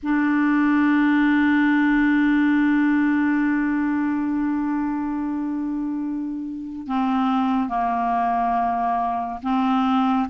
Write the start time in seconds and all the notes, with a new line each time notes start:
0.02 D4
6.87 C4
7.68 A#3
9.42 C4